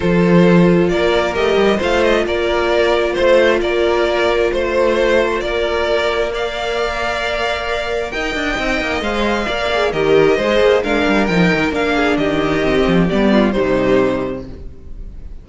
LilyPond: <<
  \new Staff \with { instrumentName = "violin" } { \time 4/4 \tempo 4 = 133 c''2 d''4 dis''4 | f''8 dis''8 d''2 c''4 | d''2 c''2 | d''2 f''2~ |
f''2 g''2 | f''2 dis''2 | f''4 g''4 f''4 dis''4~ | dis''4 d''4 c''2 | }
  \new Staff \with { instrumentName = "violin" } { \time 4/4 a'2 ais'2 | c''4 ais'2 c''4 | ais'2 c''2 | ais'2 d''2~ |
d''2 dis''2~ | dis''4 d''4 ais'4 c''4 | ais'2~ ais'8 gis'8 g'4~ | g'4. f'8 dis'2 | }
  \new Staff \with { instrumentName = "viola" } { \time 4/4 f'2. g'4 | f'1~ | f'1~ | f'2 ais'2~ |
ais'2. dis'4 | c''4 ais'8 gis'8 g'4 gis'4 | d'4 dis'4 d'2 | c'4 b4 g2 | }
  \new Staff \with { instrumentName = "cello" } { \time 4/4 f2 ais4 a8 g8 | a4 ais2 a4 | ais2 a2 | ais1~ |
ais2 dis'8 d'8 c'8 ais8 | gis4 ais4 dis4 gis8 ais8 | gis8 g8 f8 dis8 ais4 dis4~ | dis8 f8 g4 c2 | }
>>